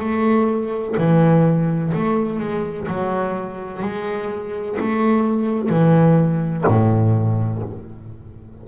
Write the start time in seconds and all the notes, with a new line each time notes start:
0.00 A3
0.98 E3
1.94 A3
2.40 G#3
2.88 F#3
3.83 G#3
4.80 A3
5.69 E3
6.67 A2